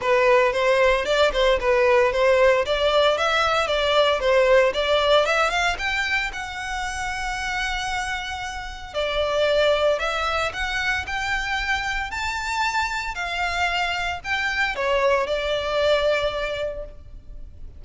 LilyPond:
\new Staff \with { instrumentName = "violin" } { \time 4/4 \tempo 4 = 114 b'4 c''4 d''8 c''8 b'4 | c''4 d''4 e''4 d''4 | c''4 d''4 e''8 f''8 g''4 | fis''1~ |
fis''4 d''2 e''4 | fis''4 g''2 a''4~ | a''4 f''2 g''4 | cis''4 d''2. | }